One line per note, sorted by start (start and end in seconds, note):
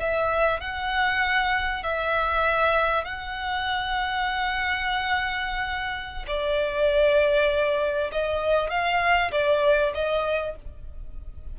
0.00 0.61 E5
0.61 1.83 F#5
1.83 3.04 E5
3.04 6.26 F#5
6.27 8.11 D5
8.12 8.70 D#5
8.70 9.31 F5
9.31 9.93 D5
9.94 10.56 D#5